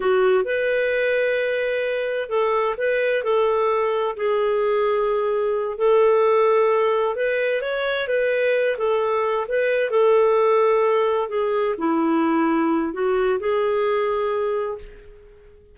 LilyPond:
\new Staff \with { instrumentName = "clarinet" } { \time 4/4 \tempo 4 = 130 fis'4 b'2.~ | b'4 a'4 b'4 a'4~ | a'4 gis'2.~ | gis'8 a'2. b'8~ |
b'8 cis''4 b'4. a'4~ | a'8 b'4 a'2~ a'8~ | a'8 gis'4 e'2~ e'8 | fis'4 gis'2. | }